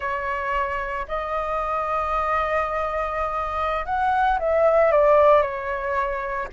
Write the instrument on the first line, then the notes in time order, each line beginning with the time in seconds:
flute
0.00 C#5
1.07 D#5
3.85 F#5
4.39 E5
4.91 D5
5.42 C#5